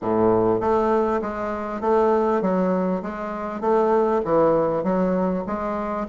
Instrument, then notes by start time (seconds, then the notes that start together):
bassoon
0.01 A2
0.60 A3
1.21 G#3
1.80 A3
2.41 F#3
3.02 G#3
3.60 A3
4.24 E3
4.83 F#3
5.46 G#3